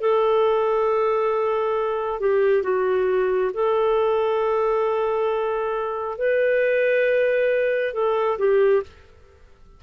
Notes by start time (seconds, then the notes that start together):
0.00 A4
2.20 G4
2.63 F#4
3.53 A4
6.18 B4
7.93 A4
8.38 G4